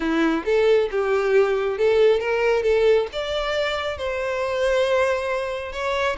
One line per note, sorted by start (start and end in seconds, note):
0.00 0.44 E4
0.45 0.89 A4
0.91 1.78 G4
1.78 2.19 A4
2.19 2.62 A#4
2.62 3.07 A4
3.12 3.97 D5
3.97 5.72 C5
5.72 6.16 C#5